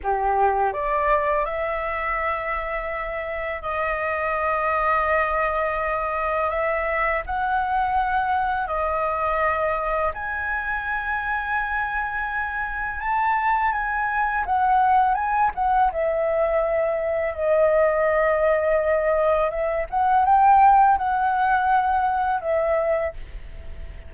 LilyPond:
\new Staff \with { instrumentName = "flute" } { \time 4/4 \tempo 4 = 83 g'4 d''4 e''2~ | e''4 dis''2.~ | dis''4 e''4 fis''2 | dis''2 gis''2~ |
gis''2 a''4 gis''4 | fis''4 gis''8 fis''8 e''2 | dis''2. e''8 fis''8 | g''4 fis''2 e''4 | }